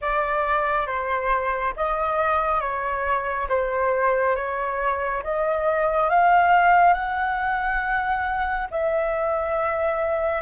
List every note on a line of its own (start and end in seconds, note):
0.01 0.87 D5
0.87 1.74 C5
1.76 2.60 D#5
2.60 3.47 C#5
3.48 4.35 C5
4.35 5.22 C#5
5.23 6.09 D#5
6.09 6.93 F5
6.93 8.67 F#5
8.70 10.42 E5